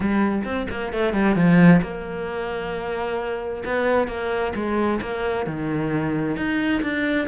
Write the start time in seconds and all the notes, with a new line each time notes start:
0.00 G3
0.44 C4
0.70 A#3
0.92 A3
1.13 G3
1.35 F3
1.81 A#3
3.64 B3
4.07 A#3
4.55 G#3
5.01 A#3
5.46 D#3
6.36 D#4
6.82 D4